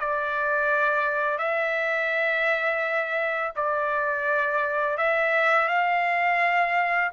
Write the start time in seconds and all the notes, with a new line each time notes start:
0.00 D5
1.38 E5
3.56 D5
4.97 E5
5.68 F5